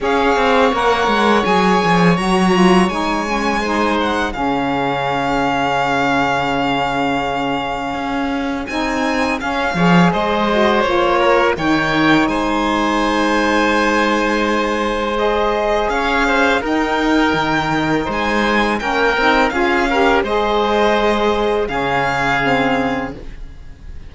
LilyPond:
<<
  \new Staff \with { instrumentName = "violin" } { \time 4/4 \tempo 4 = 83 f''4 fis''4 gis''4 ais''4 | gis''4. fis''8 f''2~ | f''1 | gis''4 f''4 dis''4 cis''4 |
g''4 gis''2.~ | gis''4 dis''4 f''4 g''4~ | g''4 gis''4 g''4 f''4 | dis''2 f''2 | }
  \new Staff \with { instrumentName = "oboe" } { \time 4/4 cis''1~ | cis''4 c''4 gis'2~ | gis'1~ | gis'4. cis''8 c''4. ais'8 |
cis''4 c''2.~ | c''2 cis''8 c''8 ais'4~ | ais'4 c''4 ais'4 gis'8 ais'8 | c''2 gis'2 | }
  \new Staff \with { instrumentName = "saxophone" } { \time 4/4 gis'4 ais'4 gis'4 fis'8 f'8 | dis'8 cis'8 dis'4 cis'2~ | cis'1 | dis'4 cis'8 gis'4 fis'8 f'4 |
dis'1~ | dis'4 gis'2 dis'4~ | dis'2 cis'8 dis'8 f'8 g'8 | gis'2 cis'4 c'4 | }
  \new Staff \with { instrumentName = "cello" } { \time 4/4 cis'8 c'8 ais8 gis8 fis8 f8 fis4 | gis2 cis2~ | cis2. cis'4 | c'4 cis'8 f8 gis4 ais4 |
dis4 gis2.~ | gis2 cis'4 dis'4 | dis4 gis4 ais8 c'8 cis'4 | gis2 cis2 | }
>>